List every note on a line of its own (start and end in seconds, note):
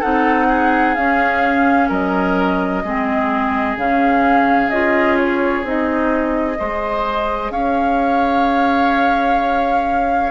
0.00 0.97 C4
0.00 0.96 D#4
0.00 0.47 A4
0.00 0.95 F#5
0.49 1.89 G#4
0.95 1.90 C#4
0.95 2.85 C#4
0.95 1.89 F5
1.89 2.84 F#3
1.89 2.83 A#4
1.89 3.78 D#5
2.84 3.76 G#3
2.84 3.78 C4
2.84 6.59 G#4
3.76 4.69 C#3
3.76 4.71 C#4
3.76 4.70 F5
4.69 5.62 C#4
4.69 5.64 F4
4.69 5.17 D#5
5.18 5.64 C#5
5.63 6.57 C4
5.63 6.56 D#4
5.63 7.52 D#5
6.56 7.50 G#3
6.56 10.31 G#4
6.56 7.52 C5
7.50 10.31 C#4
7.50 10.31 C#5
7.50 10.31 F5